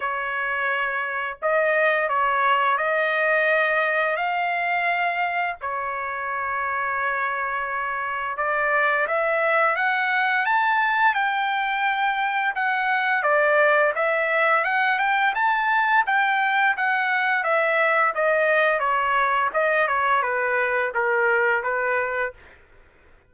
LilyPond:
\new Staff \with { instrumentName = "trumpet" } { \time 4/4 \tempo 4 = 86 cis''2 dis''4 cis''4 | dis''2 f''2 | cis''1 | d''4 e''4 fis''4 a''4 |
g''2 fis''4 d''4 | e''4 fis''8 g''8 a''4 g''4 | fis''4 e''4 dis''4 cis''4 | dis''8 cis''8 b'4 ais'4 b'4 | }